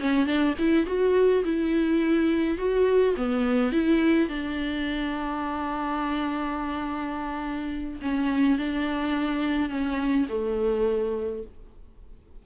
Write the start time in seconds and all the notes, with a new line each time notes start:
0.00 C#4
0.26 D4
0.59 E4
0.86 F#4
1.44 E4
2.58 F#4
3.17 B3
3.72 E4
4.29 D4
8.02 C#4
8.58 D4
9.70 C#4
10.29 A3